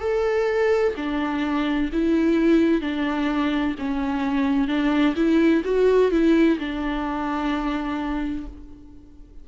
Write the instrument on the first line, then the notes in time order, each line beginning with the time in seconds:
viola
0.00 A4
0.96 D4
1.92 E4
2.81 D4
3.78 C#4
4.67 D4
5.15 E4
5.64 F#4
6.11 E4
6.59 D4